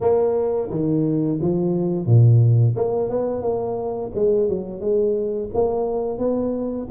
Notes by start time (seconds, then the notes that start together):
0.00 A#3
0.70 D#3
1.41 F3
2.06 A#2
2.76 A#3
3.09 B3
3.42 A#3
4.14 G#3
4.48 F#3
4.80 G#3
5.54 A#3
6.18 B3